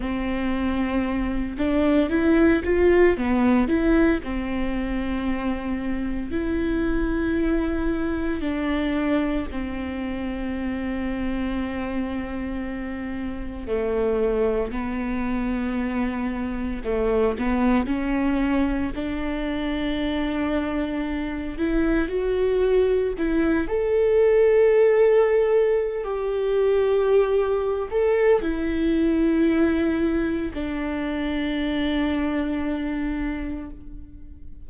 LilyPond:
\new Staff \with { instrumentName = "viola" } { \time 4/4 \tempo 4 = 57 c'4. d'8 e'8 f'8 b8 e'8 | c'2 e'2 | d'4 c'2.~ | c'4 a4 b2 |
a8 b8 cis'4 d'2~ | d'8 e'8 fis'4 e'8 a'4.~ | a'8. g'4.~ g'16 a'8 e'4~ | e'4 d'2. | }